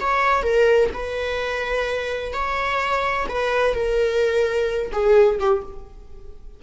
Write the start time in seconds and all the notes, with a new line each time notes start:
0.00 C#5
0.43 A#4
0.93 B4
2.33 C#5
3.29 B4
3.74 A#4
4.92 G#4
5.39 G4